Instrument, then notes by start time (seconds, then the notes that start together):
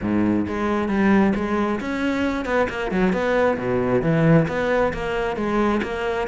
cello
0.01 G#2
0.47 G#3
0.88 G3
1.35 G#3
1.80 C#4
2.45 B3
2.69 A#3
2.91 F#3
3.12 B3
3.57 B2
4.02 E3
4.48 B3
4.93 A#3
5.36 G#3
5.82 A#3